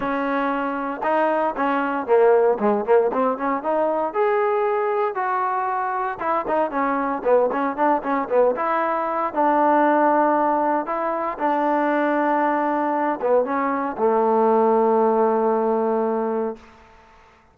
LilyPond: \new Staff \with { instrumentName = "trombone" } { \time 4/4 \tempo 4 = 116 cis'2 dis'4 cis'4 | ais4 gis8 ais8 c'8 cis'8 dis'4 | gis'2 fis'2 | e'8 dis'8 cis'4 b8 cis'8 d'8 cis'8 |
b8 e'4. d'2~ | d'4 e'4 d'2~ | d'4. b8 cis'4 a4~ | a1 | }